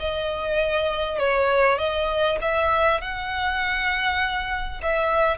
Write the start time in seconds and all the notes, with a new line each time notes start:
0.00 D#5
1.19 C#5
1.79 D#5
2.42 E5
3.02 F#5
4.83 E5